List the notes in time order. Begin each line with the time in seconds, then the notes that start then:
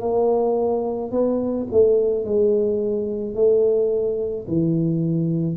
0.00 A#3
1.11 B3
1.71 A3
2.24 G#3
3.34 A3
4.47 E3